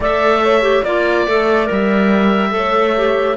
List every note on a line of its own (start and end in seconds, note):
0.00 0.81 A3
0.00 0.62 A4
0.00 0.42 D5
0.00 0.84 E5
0.42 0.83 C#5
0.62 0.83 G4
0.83 1.26 A#3
0.83 1.27 F4
0.83 2.52 D5
0.83 1.68 D5
1.27 1.69 A3
1.27 1.65 A4
1.65 2.53 G3
1.65 2.49 A#4
1.72 3.36 E5
2.50 3.36 A3
2.50 2.93 A4
2.50 3.36 C#5
2.96 3.36 G4